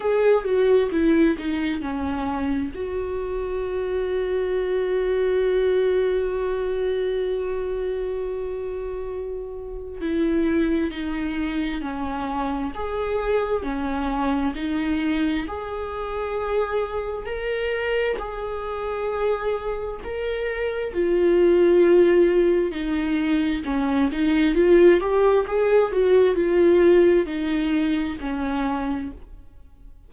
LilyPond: \new Staff \with { instrumentName = "viola" } { \time 4/4 \tempo 4 = 66 gis'8 fis'8 e'8 dis'8 cis'4 fis'4~ | fis'1~ | fis'2. e'4 | dis'4 cis'4 gis'4 cis'4 |
dis'4 gis'2 ais'4 | gis'2 ais'4 f'4~ | f'4 dis'4 cis'8 dis'8 f'8 g'8 | gis'8 fis'8 f'4 dis'4 cis'4 | }